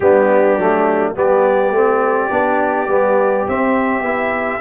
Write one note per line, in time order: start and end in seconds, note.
0.00 0.57 G3
0.00 0.59 B3
0.00 1.14 D4
0.00 1.13 G4
0.57 1.15 F#3
0.57 1.15 A3
1.14 1.70 G3
1.14 1.73 B3
1.14 4.61 G4
1.14 3.48 D5
1.70 2.28 A3
1.70 2.30 C4
2.30 2.88 B3
2.30 2.88 D4
2.88 3.45 G3
2.88 3.46 B3
3.47 4.03 C4
3.47 4.01 C4
3.47 4.61 E5
4.01 4.59 B3
4.01 4.60 E4